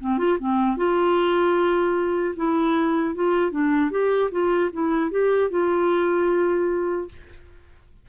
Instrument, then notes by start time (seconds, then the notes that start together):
clarinet
0.00 C4
0.18 F4
0.39 C4
0.77 F4
2.36 E4
3.15 F4
3.51 D4
3.91 G4
4.31 F4
4.73 E4
5.11 G4
5.50 F4